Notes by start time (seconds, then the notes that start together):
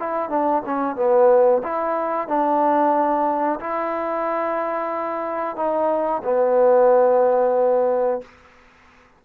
0.00 E4
0.30 D4
0.66 C#4
0.97 B3
1.64 E4
2.28 D4
3.60 E4
5.57 D#4
6.24 B3